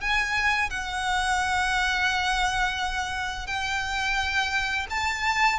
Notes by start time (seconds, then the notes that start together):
0.00 G#5
0.70 F#5
3.47 G5
4.90 A5